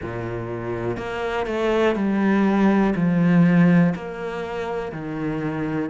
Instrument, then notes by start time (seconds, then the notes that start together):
cello
0.01 A#2
0.97 A#3
1.46 A3
1.95 G3
2.95 F3
3.95 A#3
4.92 D#3